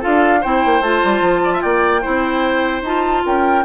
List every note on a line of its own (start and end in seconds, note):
0.00 0.45 D4
0.00 0.42 F4
0.00 0.40 A4
0.00 0.43 F5
0.41 0.66 C4
0.41 0.84 E4
0.41 1.42 C5
0.41 0.83 G5
0.66 0.81 A#3
0.81 1.01 A3
0.81 2.02 F4
0.81 1.62 A5
1.05 1.21 G3
1.21 1.62 F3
1.44 1.54 D5
1.54 1.63 E5
1.62 2.05 A#3
1.62 2.02 D5
1.62 2.82 G5
2.02 2.83 C4
2.02 2.83 E4
2.02 3.23 C5
2.83 3.23 D#4
2.83 3.65 F4
2.83 3.25 A5
3.26 3.65 C#4
3.26 3.65 A#4
3.26 3.65 G5